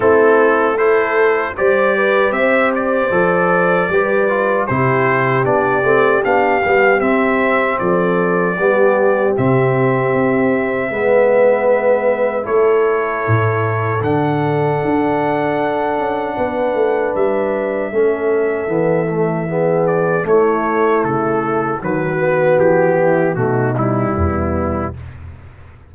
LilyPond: <<
  \new Staff \with { instrumentName = "trumpet" } { \time 4/4 \tempo 4 = 77 a'4 c''4 d''4 e''8 d''8~ | d''2 c''4 d''4 | f''4 e''4 d''2 | e''1 |
cis''2 fis''2~ | fis''2 e''2~ | e''4. d''8 cis''4 a'4 | b'4 g'4 fis'8 e'4. | }
  \new Staff \with { instrumentName = "horn" } { \time 4/4 e'4 a'4 c''8 b'8 c''4~ | c''4 b'4 g'2~ | g'2 a'4 g'4~ | g'2 b'2 |
a'1~ | a'4 b'2 a'4~ | a'4 gis'4 e'2 | fis'4. e'8 dis'4 b4 | }
  \new Staff \with { instrumentName = "trombone" } { \time 4/4 c'4 e'4 g'2 | a'4 g'8 f'8 e'4 d'8 c'8 | d'8 b8 c'2 b4 | c'2 b2 |
e'2 d'2~ | d'2. cis'4 | b8 a8 b4 a2 | fis8 b4. a8 g4. | }
  \new Staff \with { instrumentName = "tuba" } { \time 4/4 a2 g4 c'4 | f4 g4 c4 b8 a8 | b8 g8 c'4 f4 g4 | c4 c'4 gis2 |
a4 a,4 d4 d'4~ | d'8 cis'8 b8 a8 g4 a4 | e2 a4 cis4 | dis4 e4 b,4 e,4 | }
>>